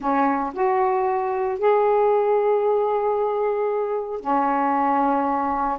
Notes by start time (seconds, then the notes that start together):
0.00 C#4
0.53 F#4
1.59 G#4
4.20 C#4